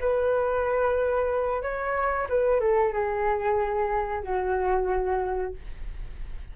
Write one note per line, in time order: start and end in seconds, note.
0.00 1.62 B4
1.62 2.27 C#5
2.29 2.60 B4
2.60 2.93 A4
2.93 4.23 G#4
4.23 5.54 F#4